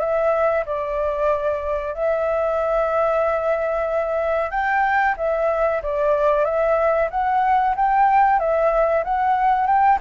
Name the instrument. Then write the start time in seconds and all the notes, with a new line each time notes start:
flute
0.00 E5
0.66 D5
1.94 E5
4.51 G5
5.17 E5
5.83 D5
6.45 E5
7.11 F#5
7.76 G5
8.40 E5
9.05 F#5
9.67 G5